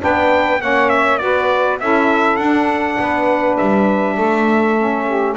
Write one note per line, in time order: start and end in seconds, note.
0.00 0.63 B3
0.00 0.59 D4
0.00 0.62 B4
0.00 0.62 G5
0.61 1.22 A#3
0.61 1.20 C#4
0.61 1.21 C#5
0.61 0.90 F#5
0.90 1.18 E5
1.18 1.81 B3
1.18 1.79 F#4
1.18 1.82 B4
1.18 1.78 D5
1.80 2.38 C#4
1.80 2.40 E4
1.80 3.01 A4
1.80 2.37 E5
2.37 2.98 D4
2.37 4.77 D4
2.37 3.55 F#5
2.99 3.59 B3
2.99 4.16 B4
3.58 4.18 G3
3.58 5.36 E5
4.16 5.37 A3
4.16 5.05 A4
4.78 5.37 C#4
5.07 5.37 G4